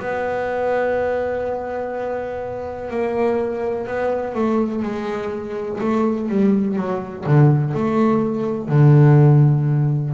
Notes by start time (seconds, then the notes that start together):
0.00 B3
2.91 A#3
3.87 B3
4.35 A3
4.83 G#3
5.81 A3
6.29 G3
6.77 F#3
7.26 D3
7.74 A3
8.69 D3